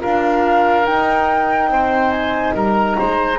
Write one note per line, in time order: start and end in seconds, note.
0.00 0.88 D4
0.00 0.84 F4
0.00 1.70 A#4
0.00 0.86 F5
0.84 3.37 D#4
0.84 1.68 D#4
0.84 2.11 G5
1.68 2.52 C4
1.68 2.54 C5
2.11 2.54 G#5
2.54 2.97 G3
2.54 2.96 A#4
2.54 3.39 A#5
2.99 3.39 G#3
2.99 3.39 C5